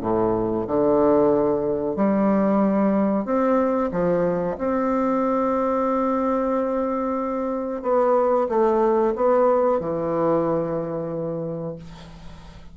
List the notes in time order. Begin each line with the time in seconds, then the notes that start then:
0.00 A2
0.67 D3
1.96 G3
3.25 C4
3.91 F3
4.58 C4
7.82 B3
8.49 A3
9.15 B3
9.80 E3